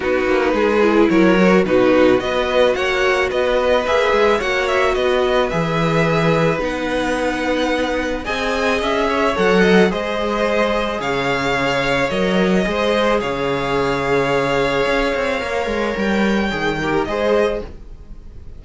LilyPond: <<
  \new Staff \with { instrumentName = "violin" } { \time 4/4 \tempo 4 = 109 b'2 cis''4 b'4 | dis''4 fis''4 dis''4 e''4 | fis''8 e''8 dis''4 e''2 | fis''2. gis''4 |
e''4 fis''4 dis''2 | f''2 dis''2 | f''1~ | f''4 g''2 dis''4 | }
  \new Staff \with { instrumentName = "violin" } { \time 4/4 fis'4 gis'4 ais'4 fis'4 | b'4 cis''4 b'2 | cis''4 b'2.~ | b'2. dis''4~ |
dis''8 cis''4 dis''8 c''2 | cis''2. c''4 | cis''1~ | cis''2~ cis''8 ais'8 c''4 | }
  \new Staff \with { instrumentName = "viola" } { \time 4/4 dis'4. e'4 fis'8 dis'4 | fis'2. gis'4 | fis'2 gis'2 | dis'2. gis'4~ |
gis'4 a'4 gis'2~ | gis'2 ais'4 gis'4~ | gis'1 | ais'2 gis'8 g'8 gis'4 | }
  \new Staff \with { instrumentName = "cello" } { \time 4/4 b8 ais8 gis4 fis4 b,4 | b4 ais4 b4 ais8 gis8 | ais4 b4 e2 | b2. c'4 |
cis'4 fis4 gis2 | cis2 fis4 gis4 | cis2. cis'8 c'8 | ais8 gis8 g4 dis4 gis4 | }
>>